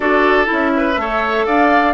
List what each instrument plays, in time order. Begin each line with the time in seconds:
0.00 bassoon D4, clarinet F#4, oboe A4, flute D5
0.44 clarinet E4
0.51 bassoon C#4, flute E5
0.76 oboe B4
0.96 bassoon A3, clarinet A4, oboe C#5
1.46 bassoon D4, oboe D5, flute F5